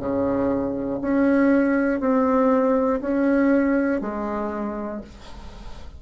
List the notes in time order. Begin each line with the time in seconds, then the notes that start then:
0.00 C#3
1.02 C#4
2.01 C4
3.02 C#4
4.02 G#3